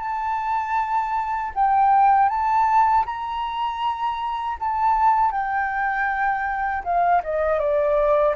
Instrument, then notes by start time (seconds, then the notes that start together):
flute
0.00 A5
1.55 G5
2.29 A5
3.06 A#5
4.60 A5
5.31 G5
6.84 F5
7.24 D#5
7.59 D5